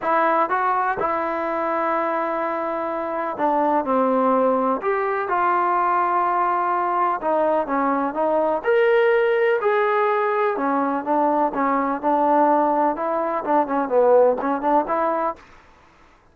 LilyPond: \new Staff \with { instrumentName = "trombone" } { \time 4/4 \tempo 4 = 125 e'4 fis'4 e'2~ | e'2. d'4 | c'2 g'4 f'4~ | f'2. dis'4 |
cis'4 dis'4 ais'2 | gis'2 cis'4 d'4 | cis'4 d'2 e'4 | d'8 cis'8 b4 cis'8 d'8 e'4 | }